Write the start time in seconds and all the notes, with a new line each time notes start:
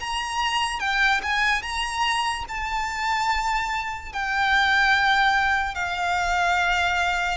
0.00 A#5
0.80 G5
1.23 G#5
1.62 A#5
2.48 A5
4.12 G5
5.75 F5